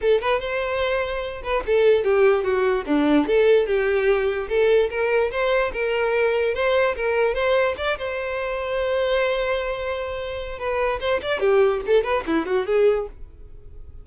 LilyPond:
\new Staff \with { instrumentName = "violin" } { \time 4/4 \tempo 4 = 147 a'8 b'8 c''2~ c''8 b'8 | a'4 g'4 fis'4 d'4 | a'4 g'2 a'4 | ais'4 c''4 ais'2 |
c''4 ais'4 c''4 d''8 c''8~ | c''1~ | c''2 b'4 c''8 d''8 | g'4 a'8 b'8 e'8 fis'8 gis'4 | }